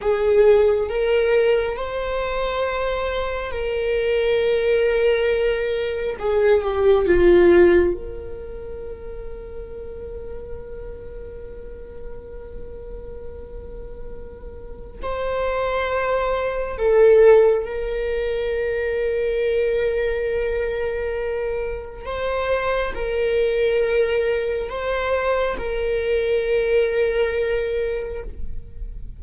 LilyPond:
\new Staff \with { instrumentName = "viola" } { \time 4/4 \tempo 4 = 68 gis'4 ais'4 c''2 | ais'2. gis'8 g'8 | f'4 ais'2.~ | ais'1~ |
ais'4 c''2 a'4 | ais'1~ | ais'4 c''4 ais'2 | c''4 ais'2. | }